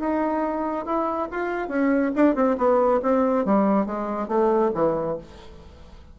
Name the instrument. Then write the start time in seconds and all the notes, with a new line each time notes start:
bassoon
0.00 D#4
0.86 E4
1.31 F4
1.69 C#4
2.16 D4
2.35 C4
2.58 B3
3.03 C4
3.45 G3
3.86 G#3
4.29 A3
4.75 E3